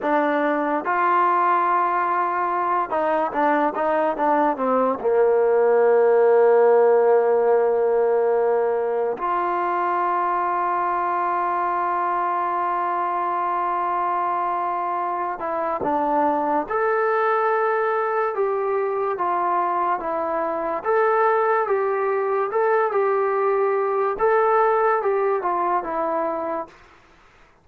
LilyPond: \new Staff \with { instrumentName = "trombone" } { \time 4/4 \tempo 4 = 72 d'4 f'2~ f'8 dis'8 | d'8 dis'8 d'8 c'8 ais2~ | ais2. f'4~ | f'1~ |
f'2~ f'8 e'8 d'4 | a'2 g'4 f'4 | e'4 a'4 g'4 a'8 g'8~ | g'4 a'4 g'8 f'8 e'4 | }